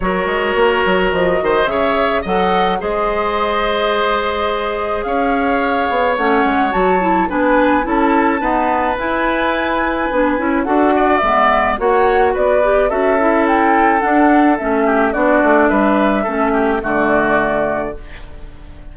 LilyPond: <<
  \new Staff \with { instrumentName = "flute" } { \time 4/4 \tempo 4 = 107 cis''2 dis''4 e''4 | fis''4 dis''2.~ | dis''4 f''2 fis''4 | a''4 gis''4 a''2 |
gis''2. fis''4 | e''4 fis''4 d''4 e''4 | g''4 fis''4 e''4 d''4 | e''2 d''2 | }
  \new Staff \with { instrumentName = "oboe" } { \time 4/4 ais'2~ ais'8 c''8 cis''4 | dis''4 c''2.~ | c''4 cis''2.~ | cis''4 b'4 a'4 b'4~ |
b'2. a'8 d''8~ | d''4 cis''4 b'4 a'4~ | a'2~ a'8 g'8 fis'4 | b'4 a'8 g'8 fis'2 | }
  \new Staff \with { instrumentName = "clarinet" } { \time 4/4 fis'2. gis'4 | a'4 gis'2.~ | gis'2. cis'4 | fis'8 e'8 d'4 e'4 b4 |
e'2 d'8 e'8 fis'4 | b4 fis'4. g'8 fis'8 e'8~ | e'4 d'4 cis'4 d'4~ | d'4 cis'4 a2 | }
  \new Staff \with { instrumentName = "bassoon" } { \time 4/4 fis8 gis8 ais8 fis8 f8 dis8 cis4 | fis4 gis2.~ | gis4 cis'4. b8 a8 gis8 | fis4 b4 cis'4 dis'4 |
e'2 b8 cis'8 d'4 | gis4 ais4 b4 cis'4~ | cis'4 d'4 a4 b8 a8 | g4 a4 d2 | }
>>